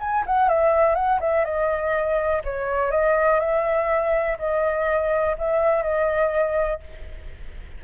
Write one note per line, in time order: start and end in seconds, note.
0.00 0.24 G#5
0.26 0.49 F#5
0.49 0.95 E5
0.95 1.20 F#5
1.20 1.45 E5
1.45 2.42 D#5
2.44 2.91 C#5
2.91 3.40 D#5
3.40 4.37 E5
4.39 5.36 D#5
5.38 5.83 E5
5.83 6.80 D#5